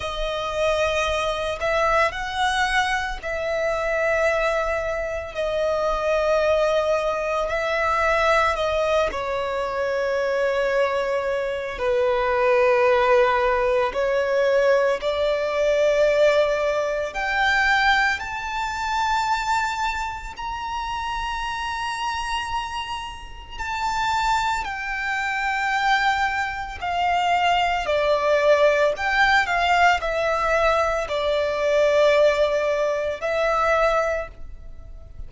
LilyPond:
\new Staff \with { instrumentName = "violin" } { \time 4/4 \tempo 4 = 56 dis''4. e''8 fis''4 e''4~ | e''4 dis''2 e''4 | dis''8 cis''2~ cis''8 b'4~ | b'4 cis''4 d''2 |
g''4 a''2 ais''4~ | ais''2 a''4 g''4~ | g''4 f''4 d''4 g''8 f''8 | e''4 d''2 e''4 | }